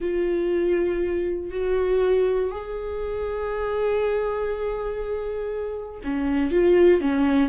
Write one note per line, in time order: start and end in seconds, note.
0.00 1.50 F4
1.50 2.50 F#4
2.50 6.00 G#4
6.04 6.51 C#4
6.51 7.00 F4
7.00 7.49 C#4